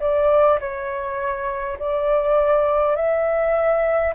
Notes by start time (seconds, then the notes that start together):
0.00 D5
0.60 C#5
1.79 D5
2.96 E5